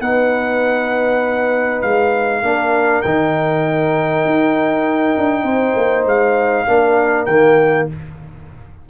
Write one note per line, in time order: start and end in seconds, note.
0.00 1.82 B3
0.00 2.43 D#4
0.00 2.43 B4
0.00 1.81 F#5
1.81 2.42 G#3
1.81 3.02 F5
2.42 3.02 A#3
2.42 3.04 D4
2.42 5.44 A#4
3.02 4.25 D#3
3.02 6.67 D#4
3.02 6.05 G5
4.25 5.16 D#4
5.17 5.43 D4
5.43 5.74 C4
5.43 6.66 C5
5.76 6.05 A#3
6.05 6.66 G#3
6.05 7.26 F5
6.67 7.27 A#3
6.67 7.28 D4
6.67 7.88 A#4
7.26 7.88 D#3
7.26 7.89 A#3
7.26 7.86 G5